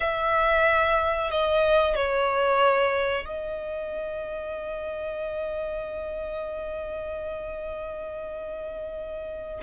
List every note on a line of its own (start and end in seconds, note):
0.00 1.30 E5
1.30 1.95 D#5
1.95 3.25 C#5
3.25 9.60 D#5